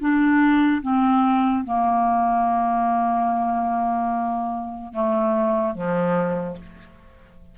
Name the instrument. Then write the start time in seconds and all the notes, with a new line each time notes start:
clarinet
0.00 D4
0.83 C4
1.65 A#3
4.94 A3
5.75 F3